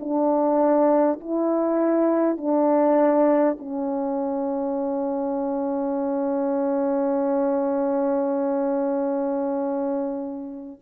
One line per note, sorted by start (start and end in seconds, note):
0.00 1.20 D4
1.21 2.37 E4
2.37 3.57 D4
3.59 10.79 C#4